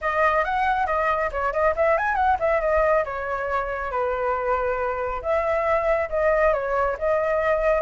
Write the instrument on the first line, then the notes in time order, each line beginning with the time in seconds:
flute
0.01 D#5
0.44 F#5
0.86 D#5
1.31 C#5
1.52 D#5
1.76 E5
1.97 G#5
2.15 F#5
2.39 E5
2.60 D#5
3.04 C#5
3.91 B4
5.22 E5
6.09 D#5
6.53 C#5
6.98 D#5